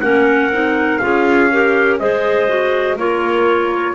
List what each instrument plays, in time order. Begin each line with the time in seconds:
0.00 double bass A#3, clarinet C#4 A#4, trumpet F#5
0.51 double bass C4, clarinet D#4
0.98 double bass C#4, clarinet F4 G#4, trumpet F5
1.51 clarinet G4 A#4
1.99 double bass G#3, clarinet G#4 C5, trumpet D#5
2.48 clarinet F#4
2.97 double bass A#3, clarinet F4 A#4, trumpet C#5